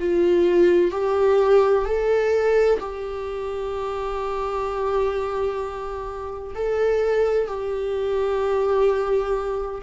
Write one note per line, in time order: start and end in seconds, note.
0.00 0.92 F4
0.92 1.85 G4
1.86 2.80 A4
2.80 6.55 G4
6.55 7.47 A4
7.47 9.82 G4